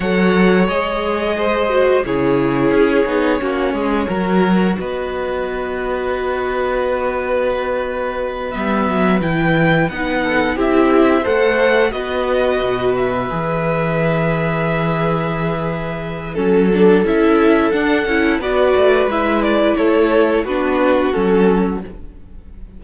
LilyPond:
<<
  \new Staff \with { instrumentName = "violin" } { \time 4/4 \tempo 4 = 88 fis''4 dis''2 cis''4~ | cis''2. dis''4~ | dis''1~ | dis''8 e''4 g''4 fis''4 e''8~ |
e''8 fis''4 dis''4. e''4~ | e''1 | a'4 e''4 fis''4 d''4 | e''8 d''8 cis''4 b'4 a'4 | }
  \new Staff \with { instrumentName = "violin" } { \time 4/4 cis''2 c''4 gis'4~ | gis'4 fis'8 gis'8 ais'4 b'4~ | b'1~ | b'2. a'8 g'8~ |
g'8 c''4 b'2~ b'8~ | b'1 | a'2. b'4~ | b'4 a'4 fis'2 | }
  \new Staff \with { instrumentName = "viola" } { \time 4/4 a'4 gis'4. fis'8 e'4~ | e'8 dis'8 cis'4 fis'2~ | fis'1~ | fis'8 b4 e'4 dis'4 e'8~ |
e'8 a'4 fis'2 gis'8~ | gis'1 | cis'8 d'8 e'4 d'8 e'8 fis'4 | e'2 d'4 cis'4 | }
  \new Staff \with { instrumentName = "cello" } { \time 4/4 fis4 gis2 cis4 | cis'8 b8 ais8 gis8 fis4 b4~ | b1~ | b8 g8 fis8 e4 b4 c'8~ |
c'8 a4 b4 b,4 e8~ | e1 | fis4 cis'4 d'8 cis'8 b8 a8 | gis4 a4 b4 fis4 | }
>>